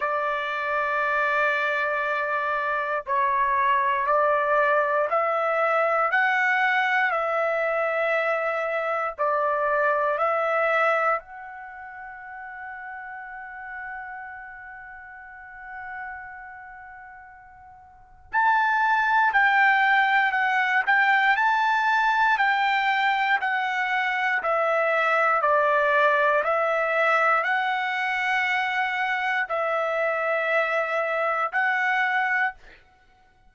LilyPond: \new Staff \with { instrumentName = "trumpet" } { \time 4/4 \tempo 4 = 59 d''2. cis''4 | d''4 e''4 fis''4 e''4~ | e''4 d''4 e''4 fis''4~ | fis''1~ |
fis''2 a''4 g''4 | fis''8 g''8 a''4 g''4 fis''4 | e''4 d''4 e''4 fis''4~ | fis''4 e''2 fis''4 | }